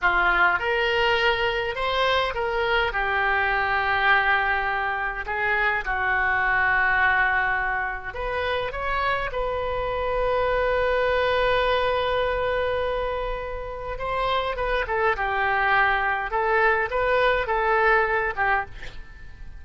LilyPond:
\new Staff \with { instrumentName = "oboe" } { \time 4/4 \tempo 4 = 103 f'4 ais'2 c''4 | ais'4 g'2.~ | g'4 gis'4 fis'2~ | fis'2 b'4 cis''4 |
b'1~ | b'1 | c''4 b'8 a'8 g'2 | a'4 b'4 a'4. g'8 | }